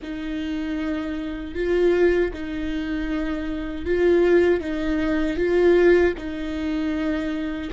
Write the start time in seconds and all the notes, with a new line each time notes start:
0.02 D#4
1.54 F4
2.33 D#4
3.85 F4
4.60 D#4
5.36 F4
6.17 D#4